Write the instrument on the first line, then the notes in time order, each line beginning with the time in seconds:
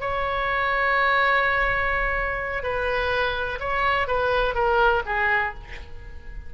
oboe
0.00 C#5
2.63 B4
3.59 C#5
4.07 B4
4.54 A#4
5.06 G#4